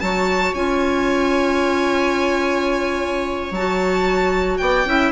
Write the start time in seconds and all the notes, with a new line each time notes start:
0.00 F#3 F#4 C#5 A5
0.54 C#4 F4 G#5
3.51 F#3 A5
3.57 F#4
4.57 B3 D5 G5
4.85 C#4 E4 E5